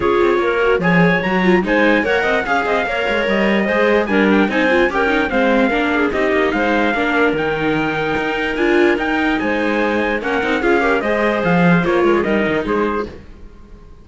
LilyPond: <<
  \new Staff \with { instrumentName = "trumpet" } { \time 4/4 \tempo 4 = 147 cis''2 gis''4 ais''4 | gis''4 fis''4 f''2 | dis''2 gis''8 g''8 gis''4 | g''4 f''2 dis''4 |
f''2 g''2~ | g''4 gis''4 g''4 gis''4~ | gis''4 fis''4 f''4 dis''4 | f''4 cis''4 dis''4 c''4 | }
  \new Staff \with { instrumentName = "clarinet" } { \time 4/4 gis'4 ais'4 cis''2 | c''4 cis''8 dis''8 f''8 dis''8 cis''4~ | cis''4 c''4 ais'4 c''4 | ais'4 c''4 ais'8 gis'8 g'4 |
c''4 ais'2.~ | ais'2. c''4~ | c''4 ais'4 gis'8 ais'8 c''4~ | c''4. ais'16 gis'16 ais'4 gis'4 | }
  \new Staff \with { instrumentName = "viola" } { \time 4/4 f'4. fis'8 gis'4 fis'8 f'8 | dis'4 ais'4 gis'4 ais'4~ | ais'4 gis'4 d'4 dis'8 f'8 | g'8 dis'8 c'4 d'4 dis'4~ |
dis'4 d'4 dis'2~ | dis'4 f'4 dis'2~ | dis'4 cis'8 dis'8 f'8 g'8 gis'4~ | gis'4 f'4 dis'2 | }
  \new Staff \with { instrumentName = "cello" } { \time 4/4 cis'8 c'8 ais4 f4 fis4 | gis4 ais8 c'8 cis'8 c'8 ais8 gis8 | g4 gis4 g4 c'4 | cis'4 gis4 ais4 c'8 ais8 |
gis4 ais4 dis2 | dis'4 d'4 dis'4 gis4~ | gis4 ais8 c'8 cis'4 gis4 | f4 ais8 gis8 g8 dis8 gis4 | }
>>